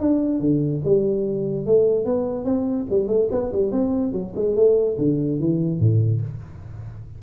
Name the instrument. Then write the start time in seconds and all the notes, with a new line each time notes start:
tuba
0.00 D4
0.40 D3
0.84 G3
1.66 A3
2.05 B3
2.45 C4
2.90 G3
3.08 A3
3.31 B3
3.52 G3
3.72 C4
4.12 F#3
4.36 G#3
4.56 A3
4.98 D3
5.40 E3
5.80 A2